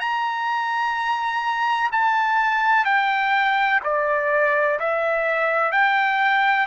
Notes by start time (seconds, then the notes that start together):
0.00 A#5
1.92 A5
2.85 G5
3.84 D5
4.80 E5
5.72 G5